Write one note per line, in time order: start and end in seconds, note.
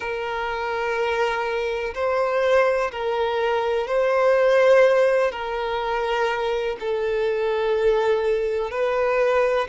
0.00 1.94 A#4
1.94 2.91 C5
2.91 3.87 A#4
3.87 5.31 C5
5.31 6.76 A#4
6.80 8.71 A4
8.71 9.67 B4